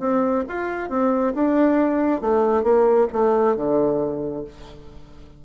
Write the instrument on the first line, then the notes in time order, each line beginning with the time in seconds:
bassoon
0.00 C4
0.49 F4
0.90 C4
1.35 D4
2.21 A3
2.63 A#3
3.12 A3
3.56 D3